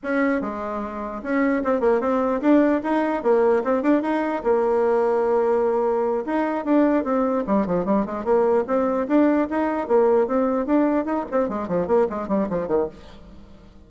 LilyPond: \new Staff \with { instrumentName = "bassoon" } { \time 4/4 \tempo 4 = 149 cis'4 gis2 cis'4 | c'8 ais8 c'4 d'4 dis'4 | ais4 c'8 d'8 dis'4 ais4~ | ais2.~ ais8 dis'8~ |
dis'8 d'4 c'4 g8 f8 g8 | gis8 ais4 c'4 d'4 dis'8~ | dis'8 ais4 c'4 d'4 dis'8 | c'8 gis8 f8 ais8 gis8 g8 f8 dis8 | }